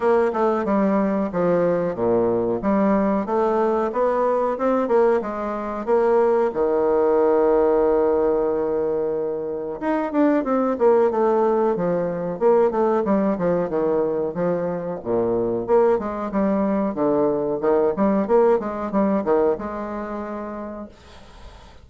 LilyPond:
\new Staff \with { instrumentName = "bassoon" } { \time 4/4 \tempo 4 = 92 ais8 a8 g4 f4 ais,4 | g4 a4 b4 c'8 ais8 | gis4 ais4 dis2~ | dis2. dis'8 d'8 |
c'8 ais8 a4 f4 ais8 a8 | g8 f8 dis4 f4 ais,4 | ais8 gis8 g4 d4 dis8 g8 | ais8 gis8 g8 dis8 gis2 | }